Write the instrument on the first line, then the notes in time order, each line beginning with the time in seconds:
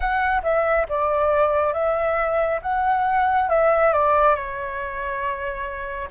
flute
0.00 F#5
0.43 E5
0.88 D5
1.73 E5
2.62 F#5
3.49 E5
3.92 D5
4.35 C#5